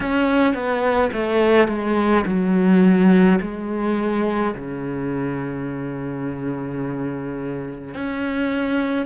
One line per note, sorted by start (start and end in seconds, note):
0.00 0.54 C#4
0.54 1.10 B3
1.13 1.68 A3
1.68 2.24 G#3
2.25 3.39 F#3
3.41 4.54 G#3
4.54 7.94 C#3
7.94 9.06 C#4